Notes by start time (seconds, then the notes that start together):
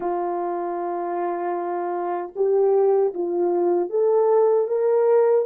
0.00 F4
2.36 G4
3.14 F4
3.89 A4
4.68 A#4